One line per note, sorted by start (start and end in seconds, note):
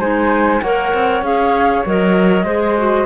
0.00 0.61 G#3
0.00 0.62 D#4
0.00 0.62 C5
0.00 0.62 G#5
0.62 0.93 A#3
0.62 1.24 A#4
0.62 2.46 C#5
0.62 1.23 F#5
0.94 1.22 C4
1.22 1.83 C#4
1.22 1.85 G#4
1.22 1.85 F5
1.86 2.44 F#3
1.86 2.46 A#4
1.86 3.07 D#5
2.44 3.05 G#3
2.44 2.77 G#4
2.44 3.07 C5
2.78 3.07 F#4